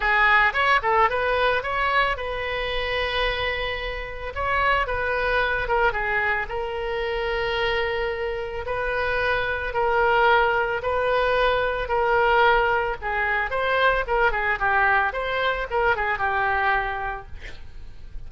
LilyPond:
\new Staff \with { instrumentName = "oboe" } { \time 4/4 \tempo 4 = 111 gis'4 cis''8 a'8 b'4 cis''4 | b'1 | cis''4 b'4. ais'8 gis'4 | ais'1 |
b'2 ais'2 | b'2 ais'2 | gis'4 c''4 ais'8 gis'8 g'4 | c''4 ais'8 gis'8 g'2 | }